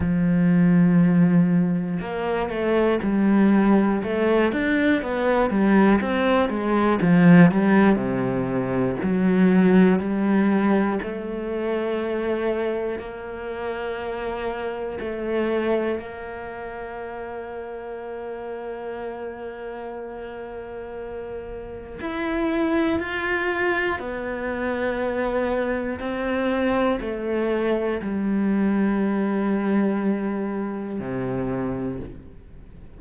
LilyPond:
\new Staff \with { instrumentName = "cello" } { \time 4/4 \tempo 4 = 60 f2 ais8 a8 g4 | a8 d'8 b8 g8 c'8 gis8 f8 g8 | c4 fis4 g4 a4~ | a4 ais2 a4 |
ais1~ | ais2 e'4 f'4 | b2 c'4 a4 | g2. c4 | }